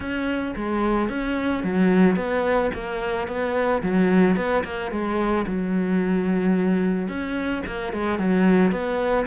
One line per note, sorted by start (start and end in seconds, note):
0.00 0.54 C#4
0.56 1.09 G#3
1.09 1.63 C#4
1.63 2.16 F#3
2.16 2.70 B3
2.73 3.27 A#3
3.27 3.82 B3
3.82 4.36 F#3
4.36 4.63 B3
4.64 4.91 A#3
4.91 5.45 G#3
5.46 7.08 F#3
7.08 7.62 C#4
7.66 7.92 A#3
7.92 8.18 G#3
8.18 8.71 F#3
8.71 9.26 B3